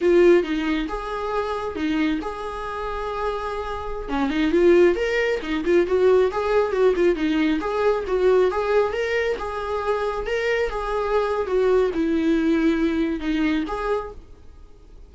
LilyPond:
\new Staff \with { instrumentName = "viola" } { \time 4/4 \tempo 4 = 136 f'4 dis'4 gis'2 | dis'4 gis'2.~ | gis'4~ gis'16 cis'8 dis'8 f'4 ais'8.~ | ais'16 dis'8 f'8 fis'4 gis'4 fis'8 f'16~ |
f'16 dis'4 gis'4 fis'4 gis'8.~ | gis'16 ais'4 gis'2 ais'8.~ | ais'16 gis'4.~ gis'16 fis'4 e'4~ | e'2 dis'4 gis'4 | }